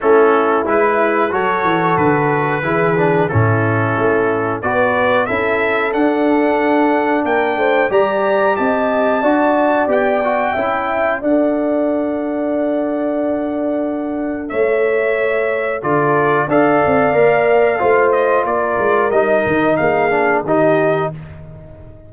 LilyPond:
<<
  \new Staff \with { instrumentName = "trumpet" } { \time 4/4 \tempo 4 = 91 a'4 b'4 cis''4 b'4~ | b'4 a'2 d''4 | e''4 fis''2 g''4 | ais''4 a''2 g''4~ |
g''4 fis''2.~ | fis''2 e''2 | d''4 f''2~ f''8 dis''8 | d''4 dis''4 f''4 dis''4 | }
  \new Staff \with { instrumentName = "horn" } { \time 4/4 e'2 a'2 | gis'4 e'2 b'4 | a'2. ais'8 c''8 | d''4 dis''4 d''2 |
e''4 d''2.~ | d''2 cis''2 | a'4 d''2 c''4 | ais'2 gis'4 g'4 | }
  \new Staff \with { instrumentName = "trombone" } { \time 4/4 cis'4 e'4 fis'2 | e'8 d'8 cis'2 fis'4 | e'4 d'2. | g'2 fis'4 g'8 fis'8 |
e'4 a'2.~ | a'1 | f'4 a'4 ais'4 f'4~ | f'4 dis'4. d'8 dis'4 | }
  \new Staff \with { instrumentName = "tuba" } { \time 4/4 a4 gis4 fis8 e8 d4 | e4 a,4 a4 b4 | cis'4 d'2 ais8 a8 | g4 c'4 d'4 b4 |
cis'4 d'2.~ | d'2 a2 | d4 d'8 c'8 ais4 a4 | ais8 gis8 g8 dis8 ais4 dis4 | }
>>